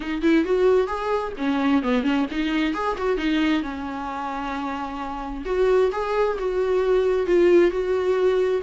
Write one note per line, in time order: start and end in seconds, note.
0.00 0.21 D#4
0.22 0.44 E4
0.44 0.87 F#4
0.87 1.32 G#4
1.37 1.82 C#4
1.82 2.03 B3
2.03 2.26 C#4
2.30 2.74 D#4
2.74 2.96 G#4
2.97 3.17 F#4
3.17 3.62 D#4
3.62 5.44 C#4
5.45 5.90 F#4
5.92 6.37 G#4
6.39 7.26 F#4
7.26 7.70 F4
7.70 8.61 F#4